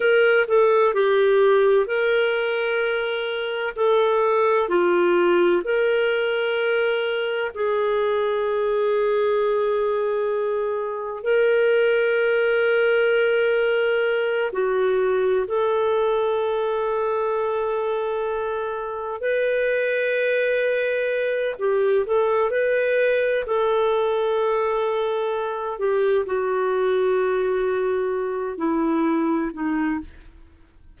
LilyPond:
\new Staff \with { instrumentName = "clarinet" } { \time 4/4 \tempo 4 = 64 ais'8 a'8 g'4 ais'2 | a'4 f'4 ais'2 | gis'1 | ais'2.~ ais'8 fis'8~ |
fis'8 a'2.~ a'8~ | a'8 b'2~ b'8 g'8 a'8 | b'4 a'2~ a'8 g'8 | fis'2~ fis'8 e'4 dis'8 | }